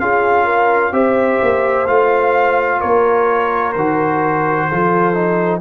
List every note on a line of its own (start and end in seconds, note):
0.00 0.93 C#4
0.00 0.93 F4
0.00 0.45 G#4
0.00 0.94 F5
0.45 0.92 A#4
0.93 1.39 C4
0.93 1.87 G4
0.93 2.80 C5
0.93 1.87 E5
1.42 1.88 A#3
1.87 2.82 A3
1.87 3.75 F4
1.87 2.81 F5
2.80 3.76 A#3
2.80 4.68 A#4
2.80 3.73 C#5
3.73 4.69 D#3
3.73 4.71 F#4
3.73 5.60 C5
4.69 5.61 F3
4.69 5.14 F4
4.69 5.61 A4
5.14 5.61 D#4